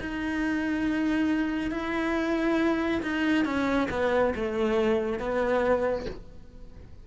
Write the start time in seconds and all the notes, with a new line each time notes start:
0.00 D#4
1.71 E4
3.02 D#4
3.44 C#4
3.90 B3
4.35 A3
5.19 B3